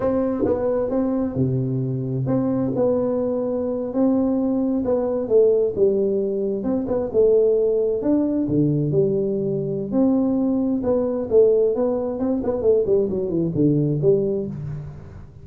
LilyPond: \new Staff \with { instrumentName = "tuba" } { \time 4/4 \tempo 4 = 133 c'4 b4 c'4 c4~ | c4 c'4 b2~ | b8. c'2 b4 a16~ | a8. g2 c'8 b8 a16~ |
a4.~ a16 d'4 d4 g16~ | g2 c'2 | b4 a4 b4 c'8 b8 | a8 g8 fis8 e8 d4 g4 | }